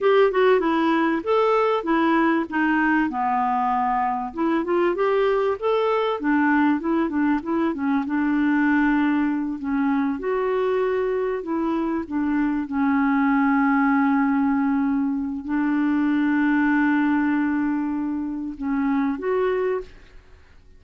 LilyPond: \new Staff \with { instrumentName = "clarinet" } { \time 4/4 \tempo 4 = 97 g'8 fis'8 e'4 a'4 e'4 | dis'4 b2 e'8 f'8 | g'4 a'4 d'4 e'8 d'8 | e'8 cis'8 d'2~ d'8 cis'8~ |
cis'8 fis'2 e'4 d'8~ | d'8 cis'2.~ cis'8~ | cis'4 d'2.~ | d'2 cis'4 fis'4 | }